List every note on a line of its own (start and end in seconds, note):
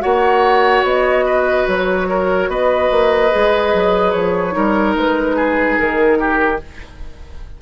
0.00 0.83 A#3
0.00 3.29 F#4
0.00 1.25 C#5
0.00 0.84 F#5
0.83 1.65 B3
0.83 1.67 D#5
1.25 2.07 B4
1.67 2.48 F#3
1.67 2.50 C#5
2.09 2.49 A#4
2.48 2.89 B3
2.48 4.55 B4
2.48 4.11 D#5
2.90 3.32 A#3
3.31 3.73 G#3
3.31 4.51 G#4
3.73 4.14 F#3
4.11 4.55 F3
4.11 4.94 C#5
4.51 4.95 G3
4.51 6.57 D#4
4.51 5.36 A#4
4.95 5.77 G#3
4.95 5.78 B4
5.36 6.18 G#4
5.78 6.61 D#3
5.78 6.60 A#4
6.19 6.60 G4